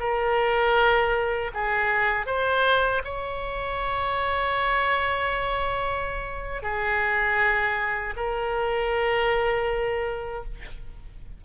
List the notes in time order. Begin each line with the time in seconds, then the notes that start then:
0.00 A#4
1.54 G#4
2.26 C5
3.04 C#5
6.63 G#4
8.16 A#4